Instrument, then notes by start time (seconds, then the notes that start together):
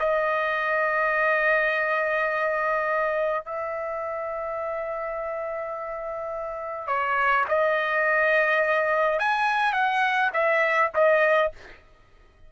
trumpet
0.00 D#5
3.45 E5
6.88 C#5
7.49 D#5
9.20 G#5
9.73 F#5
10.34 E5
10.95 D#5